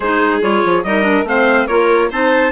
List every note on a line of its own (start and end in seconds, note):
0.00 0.41 G#3
0.00 0.41 D#4
0.00 0.84 G#4
0.00 0.41 C5
0.41 0.63 G3
0.41 0.83 F4
0.41 0.83 C#5
0.64 0.83 F3
0.83 1.23 G3
0.83 1.03 D#4
0.83 1.27 A#4
0.83 1.25 D#5
1.03 1.24 D4
1.23 1.65 A3
1.23 1.69 C4
1.23 1.66 C5
1.23 1.67 F5
1.66 2.10 A#3
1.66 2.10 F4
1.66 2.08 A#4
1.66 2.09 C#5
2.10 2.51 C4
2.10 2.51 D#4
2.10 2.51 C5
2.10 2.51 A5